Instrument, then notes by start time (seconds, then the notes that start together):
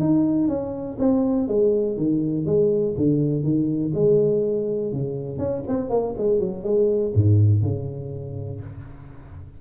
tuba
0.00 D#4
0.48 C#4
0.99 C4
1.48 G#3
1.97 D#3
2.46 G#3
2.97 D3
3.44 D#3
3.94 G#3
4.92 C#3
5.38 C#4
5.68 C4
5.90 A#3
6.18 G#3
6.40 F#3
6.64 G#3
7.15 G#2
7.63 C#3